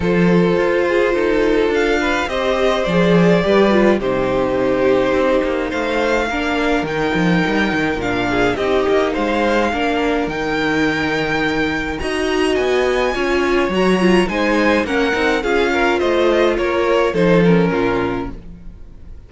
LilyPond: <<
  \new Staff \with { instrumentName = "violin" } { \time 4/4 \tempo 4 = 105 c''2. f''4 | dis''4 d''2 c''4~ | c''2 f''2 | g''2 f''4 dis''4 |
f''2 g''2~ | g''4 ais''4 gis''2 | ais''4 gis''4 fis''4 f''4 | dis''4 cis''4 c''8 ais'4. | }
  \new Staff \with { instrumentName = "violin" } { \time 4/4 a'4. gis'8 a'4. b'8 | c''2 b'4 g'4~ | g'2 c''4 ais'4~ | ais'2~ ais'8 gis'8 g'4 |
c''4 ais'2.~ | ais'4 dis''2 cis''4~ | cis''4 c''4 ais'4 gis'8 ais'8 | c''4 ais'4 a'4 f'4 | }
  \new Staff \with { instrumentName = "viola" } { \time 4/4 f'1 | g'4 gis'4 g'8 f'8 dis'4~ | dis'2. d'4 | dis'2 d'4 dis'4~ |
dis'4 d'4 dis'2~ | dis'4 fis'2 f'4 | fis'8 f'8 dis'4 cis'8 dis'8 f'4~ | f'2 dis'8 cis'4. | }
  \new Staff \with { instrumentName = "cello" } { \time 4/4 f4 f'4 dis'4 d'4 | c'4 f4 g4 c4~ | c4 c'8 ais8 a4 ais4 | dis8 f8 g8 dis8 ais,4 c'8 ais8 |
gis4 ais4 dis2~ | dis4 dis'4 b4 cis'4 | fis4 gis4 ais8 c'8 cis'4 | a4 ais4 f4 ais,4 | }
>>